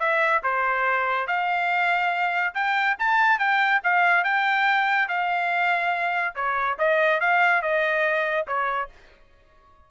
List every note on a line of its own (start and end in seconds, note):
0.00 0.42 E5
0.44 1.28 C5
1.28 2.54 F5
2.55 2.97 G5
3.00 3.39 A5
3.39 3.81 G5
3.84 4.24 F5
4.24 5.09 G5
5.09 6.36 F5
6.36 6.78 C#5
6.79 7.21 D#5
7.21 7.62 F5
7.62 8.47 D#5
8.48 8.90 C#5